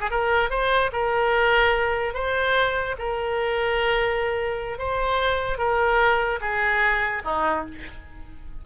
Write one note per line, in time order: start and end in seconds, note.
0.00 0.10 G#4
0.11 0.50 A#4
0.50 0.91 C5
0.92 2.14 A#4
2.14 2.96 C5
2.99 4.78 A#4
4.78 5.58 C5
5.58 6.40 A#4
6.41 7.22 G#4
7.25 7.65 D#4